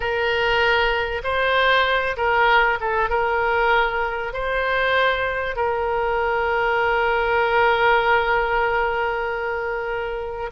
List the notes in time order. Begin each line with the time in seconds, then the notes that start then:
0.00 A#4
1.23 C5
2.16 A#4
2.80 A4
3.09 A#4
4.33 C5
5.56 A#4